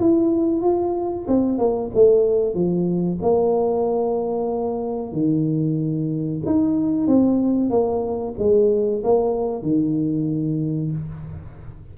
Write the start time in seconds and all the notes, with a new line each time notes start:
0.00 E4
0.62 F4
1.28 C4
1.59 A#3
1.94 A3
2.55 F3
3.22 A#3
5.13 D#3
6.45 D#4
7.07 C4
7.70 A#3
8.39 G#3
9.04 A#3
9.63 D#3